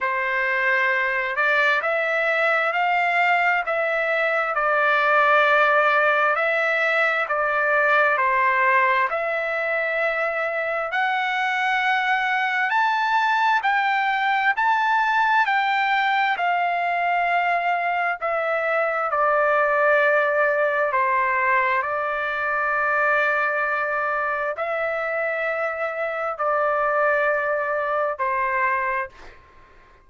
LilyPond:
\new Staff \with { instrumentName = "trumpet" } { \time 4/4 \tempo 4 = 66 c''4. d''8 e''4 f''4 | e''4 d''2 e''4 | d''4 c''4 e''2 | fis''2 a''4 g''4 |
a''4 g''4 f''2 | e''4 d''2 c''4 | d''2. e''4~ | e''4 d''2 c''4 | }